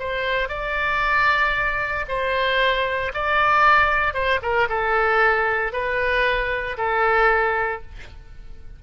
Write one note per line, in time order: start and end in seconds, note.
0.00 0.49 C5
0.49 2.06 D5
2.08 3.13 C5
3.14 4.14 D5
4.14 4.40 C5
4.43 4.69 A#4
4.70 5.73 A4
5.73 6.77 B4
6.78 7.82 A4